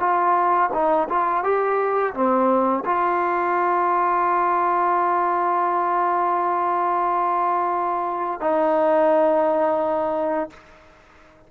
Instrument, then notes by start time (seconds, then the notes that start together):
trombone
0.00 F4
0.73 D#4
1.09 F4
1.44 G4
2.14 C4
2.85 F4
8.41 D#4